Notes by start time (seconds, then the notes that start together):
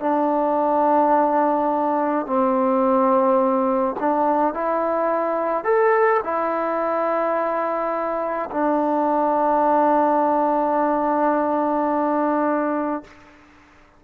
0.00 D4
2.26 C4
4.00 D4
4.54 E4
5.64 A4
6.24 E4
8.52 D4